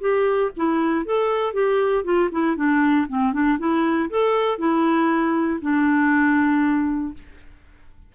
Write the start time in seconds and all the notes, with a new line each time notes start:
0.00 G4
0.56 E4
1.05 A4
1.53 G4
2.04 F4
2.31 E4
2.56 D4
3.09 C4
3.33 D4
3.58 E4
4.10 A4
4.58 E4
5.61 D4